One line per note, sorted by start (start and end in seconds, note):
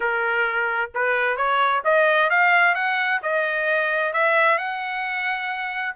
0.00 0.91 A#4
0.94 1.37 B4
1.37 1.82 C#5
1.84 2.30 D#5
2.30 2.75 F5
2.75 3.20 F#5
3.22 4.13 D#5
4.13 4.58 E5
4.58 5.95 F#5